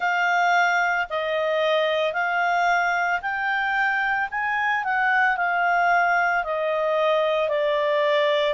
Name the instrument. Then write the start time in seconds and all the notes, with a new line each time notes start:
clarinet
0.00 F5
1.09 D#5
2.13 F5
3.21 G5
4.31 G#5
4.84 F#5
5.36 F5
6.43 D#5
7.49 D5